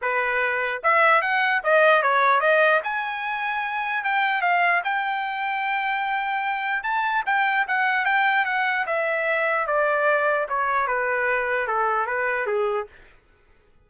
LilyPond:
\new Staff \with { instrumentName = "trumpet" } { \time 4/4 \tempo 4 = 149 b'2 e''4 fis''4 | dis''4 cis''4 dis''4 gis''4~ | gis''2 g''4 f''4 | g''1~ |
g''4 a''4 g''4 fis''4 | g''4 fis''4 e''2 | d''2 cis''4 b'4~ | b'4 a'4 b'4 gis'4 | }